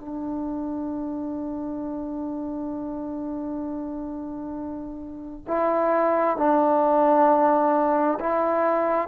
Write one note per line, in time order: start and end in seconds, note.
0.00 5.45 D4
5.48 6.37 E4
6.37 8.19 D4
8.20 9.08 E4